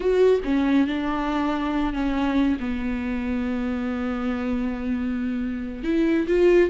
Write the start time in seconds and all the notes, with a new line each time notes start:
0.00 F#4
0.44 C#4
0.87 D4
1.93 C#4
2.60 B3
5.83 E4
6.27 F4